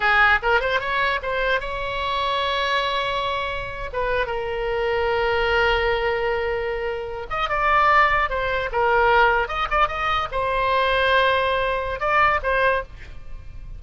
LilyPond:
\new Staff \with { instrumentName = "oboe" } { \time 4/4 \tempo 4 = 150 gis'4 ais'8 c''8 cis''4 c''4 | cis''1~ | cis''4.~ cis''16 b'4 ais'4~ ais'16~ | ais'1~ |
ais'2~ ais'16 dis''8 d''4~ d''16~ | d''8. c''4 ais'2 dis''16~ | dis''16 d''8 dis''4 c''2~ c''16~ | c''2 d''4 c''4 | }